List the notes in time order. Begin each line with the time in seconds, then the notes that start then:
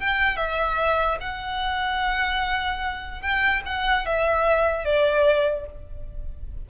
0.00 G5
0.37 E5
1.21 F#5
3.22 G5
3.66 F#5
4.06 E5
4.85 D5